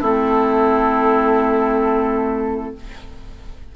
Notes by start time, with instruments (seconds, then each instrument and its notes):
0.00 bassoon A3, clarinet C4, oboe E4, flute A4